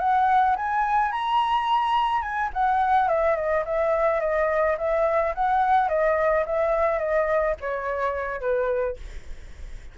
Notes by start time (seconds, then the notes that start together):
0.00 F#5
0.57 G#5
1.12 A#5
2.22 G#5
2.54 F#5
3.09 E5
3.36 D#5
3.66 E5
4.21 D#5
4.78 E5
5.35 F#5
5.89 D#5
6.46 E5
6.99 D#5
7.61 C#5
8.41 B4